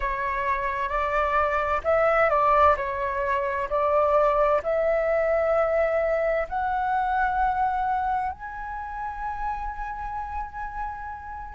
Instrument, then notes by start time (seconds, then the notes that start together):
flute
0.00 C#5
0.89 D5
1.84 E5
2.29 D5
2.76 C#5
3.69 D5
4.63 E5
6.49 F#5
8.32 G#5